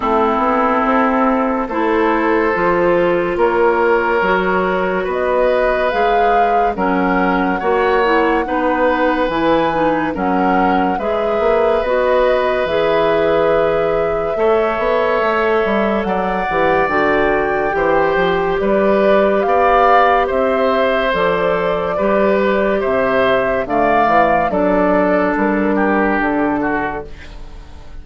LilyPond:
<<
  \new Staff \with { instrumentName = "flute" } { \time 4/4 \tempo 4 = 71 a'2 c''2 | cis''2 dis''4 f''4 | fis''2. gis''4 | fis''4 e''4 dis''4 e''4~ |
e''2. fis''4 | g''2 d''4 f''4 | e''4 d''2 e''4 | f''4 d''4 ais'4 a'4 | }
  \new Staff \with { instrumentName = "oboe" } { \time 4/4 e'2 a'2 | ais'2 b'2 | ais'4 cis''4 b'2 | ais'4 b'2.~ |
b'4 cis''2 d''4~ | d''4 c''4 b'4 d''4 | c''2 b'4 c''4 | d''4 a'4. g'4 fis'8 | }
  \new Staff \with { instrumentName = "clarinet" } { \time 4/4 c'2 e'4 f'4~ | f'4 fis'2 gis'4 | cis'4 fis'8 e'8 dis'4 e'8 dis'8 | cis'4 gis'4 fis'4 gis'4~ |
gis'4 a'2~ a'8 g'8 | fis'4 g'2.~ | g'4 a'4 g'2 | a4 d'2. | }
  \new Staff \with { instrumentName = "bassoon" } { \time 4/4 a8 b8 c'4 a4 f4 | ais4 fis4 b4 gis4 | fis4 ais4 b4 e4 | fis4 gis8 ais8 b4 e4~ |
e4 a8 b8 a8 g8 fis8 e8 | d4 e8 f8 g4 b4 | c'4 f4 g4 c4 | d8 e8 fis4 g4 d4 | }
>>